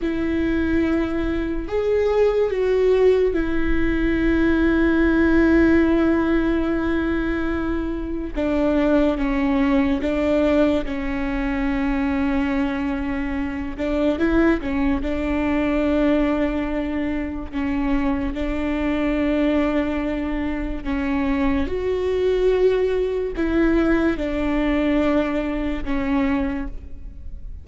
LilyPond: \new Staff \with { instrumentName = "viola" } { \time 4/4 \tempo 4 = 72 e'2 gis'4 fis'4 | e'1~ | e'2 d'4 cis'4 | d'4 cis'2.~ |
cis'8 d'8 e'8 cis'8 d'2~ | d'4 cis'4 d'2~ | d'4 cis'4 fis'2 | e'4 d'2 cis'4 | }